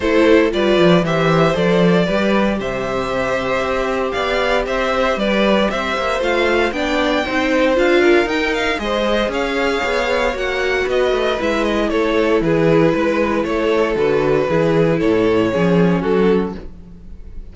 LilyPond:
<<
  \new Staff \with { instrumentName = "violin" } { \time 4/4 \tempo 4 = 116 c''4 d''4 e''4 d''4~ | d''4 e''2. | f''4 e''4 d''4 e''4 | f''4 g''2 f''4 |
g''8 f''8 dis''4 f''2 | fis''4 dis''4 e''8 dis''8 cis''4 | b'2 cis''4 b'4~ | b'4 cis''2 a'4 | }
  \new Staff \with { instrumentName = "violin" } { \time 4/4 a'4 b'4 c''2 | b'4 c''2. | d''4 c''4 b'4 c''4~ | c''4 d''4 c''4. ais'8~ |
ais'4 c''4 cis''2~ | cis''4 b'2 a'4 | gis'4 b'4 a'2 | gis'4 a'4 gis'4 fis'4 | }
  \new Staff \with { instrumentName = "viola" } { \time 4/4 e'4 f'4 g'4 a'4 | g'1~ | g'1 | f'4 d'4 dis'4 f'4 |
dis'4 gis'2. | fis'2 e'2~ | e'2. fis'4 | e'2 cis'2 | }
  \new Staff \with { instrumentName = "cello" } { \time 4/4 a4 g8 f8 e4 f4 | g4 c2 c'4 | b4 c'4 g4 c'8 ais8 | a4 b4 c'4 d'4 |
dis'4 gis4 cis'4 b4 | ais4 b8 a8 gis4 a4 | e4 gis4 a4 d4 | e4 a,4 f4 fis4 | }
>>